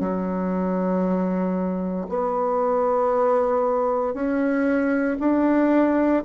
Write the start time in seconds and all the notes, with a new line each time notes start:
0.00 F#3
2.09 B3
4.14 C#4
5.20 D4